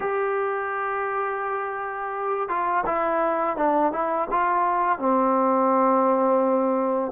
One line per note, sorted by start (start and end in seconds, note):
0.00 2.48 G4
2.48 2.84 F4
2.85 3.56 E4
3.56 3.92 D4
3.92 4.28 E4
4.30 4.98 F4
4.98 7.12 C4